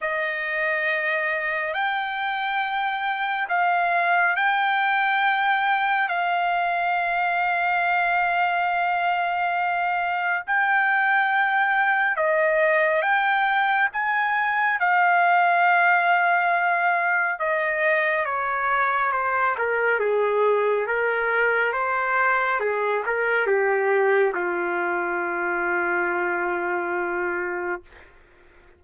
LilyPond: \new Staff \with { instrumentName = "trumpet" } { \time 4/4 \tempo 4 = 69 dis''2 g''2 | f''4 g''2 f''4~ | f''1 | g''2 dis''4 g''4 |
gis''4 f''2. | dis''4 cis''4 c''8 ais'8 gis'4 | ais'4 c''4 gis'8 ais'8 g'4 | f'1 | }